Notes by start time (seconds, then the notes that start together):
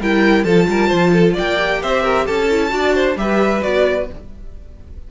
0.00 G3 E4 A#4 G5
0.43 F3 F4 A4 A5
0.69 G3 A#4
0.88 F3 C5
1.12 A4
1.33 D5 G5
1.40 A#3
1.58 G4
1.82 C4 C5 E5
2.03 A#4
2.26 C#4 A4 A5
2.50 E4
2.69 D4 F#4 D5
2.95 C5
3.16 G3 G4 B4 E5
3.61 B3 F#4 D5